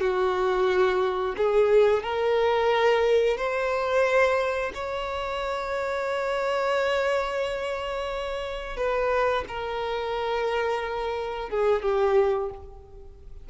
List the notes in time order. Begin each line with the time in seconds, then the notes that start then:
0.00 F#4
1.37 G#4
2.02 A#4
3.37 C5
4.74 C#5
8.77 B4
9.48 A#4
11.49 G#4
11.82 G4